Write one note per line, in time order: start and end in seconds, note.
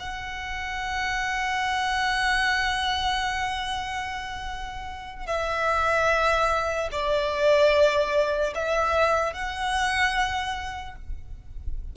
0.00 5.27 F#5
5.27 6.89 E5
6.92 8.54 D5
8.55 9.34 E5
9.34 10.96 F#5